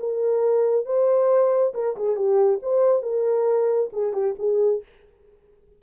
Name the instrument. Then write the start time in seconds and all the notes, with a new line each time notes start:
horn
0.00 A#4
0.86 C5
1.75 A#4
1.97 G#4
2.17 G4
2.63 C5
3.03 A#4
3.93 G#4
4.14 G4
4.39 G#4